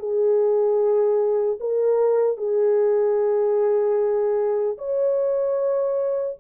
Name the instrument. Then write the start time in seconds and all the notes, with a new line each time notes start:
horn
0.00 G#4
1.60 A#4
2.38 G#4
4.79 C#5